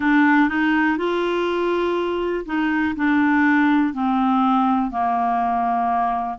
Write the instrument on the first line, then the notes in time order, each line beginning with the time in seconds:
clarinet
0.00 D4
0.48 D#4
0.97 F4
2.45 D#4
2.96 D4
3.93 C4
4.90 A#3